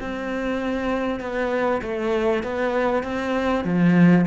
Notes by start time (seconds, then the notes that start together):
0.00 C4
1.20 B3
1.82 A3
2.43 B3
3.03 C4
3.64 F3